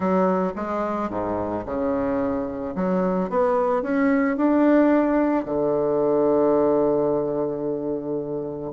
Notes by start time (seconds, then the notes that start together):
0.00 F#3
0.55 G#3
1.10 G#2
1.65 C#3
2.75 F#3
3.29 B3
3.82 C#4
4.36 D4
5.45 D3